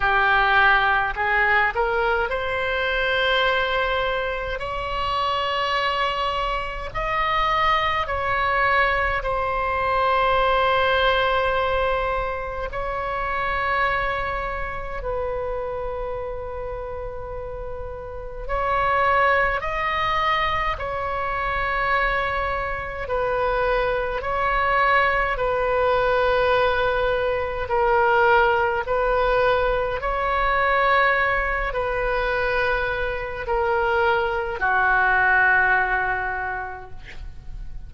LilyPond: \new Staff \with { instrumentName = "oboe" } { \time 4/4 \tempo 4 = 52 g'4 gis'8 ais'8 c''2 | cis''2 dis''4 cis''4 | c''2. cis''4~ | cis''4 b'2. |
cis''4 dis''4 cis''2 | b'4 cis''4 b'2 | ais'4 b'4 cis''4. b'8~ | b'4 ais'4 fis'2 | }